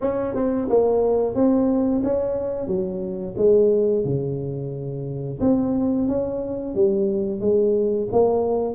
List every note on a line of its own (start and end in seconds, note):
0.01 0.35 C#4
0.35 0.68 C4
0.69 1.35 A#3
1.35 2.02 C4
2.03 2.67 C#4
2.67 3.34 F#3
3.37 4.04 G#3
4.04 5.39 C#3
5.40 6.07 C4
6.08 6.74 C#4
6.74 7.40 G3
7.40 8.07 G#3
8.12 8.74 A#3